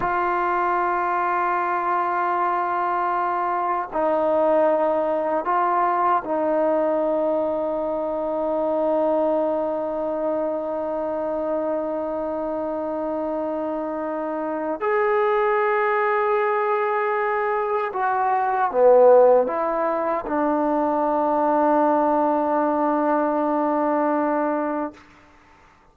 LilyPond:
\new Staff \with { instrumentName = "trombone" } { \time 4/4 \tempo 4 = 77 f'1~ | f'4 dis'2 f'4 | dis'1~ | dis'1~ |
dis'2. gis'4~ | gis'2. fis'4 | b4 e'4 d'2~ | d'1 | }